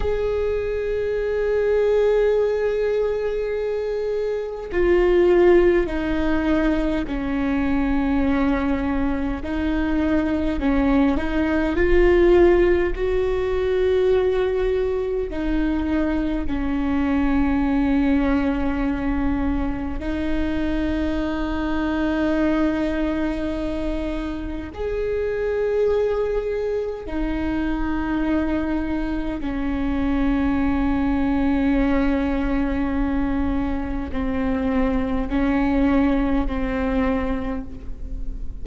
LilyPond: \new Staff \with { instrumentName = "viola" } { \time 4/4 \tempo 4 = 51 gis'1 | f'4 dis'4 cis'2 | dis'4 cis'8 dis'8 f'4 fis'4~ | fis'4 dis'4 cis'2~ |
cis'4 dis'2.~ | dis'4 gis'2 dis'4~ | dis'4 cis'2.~ | cis'4 c'4 cis'4 c'4 | }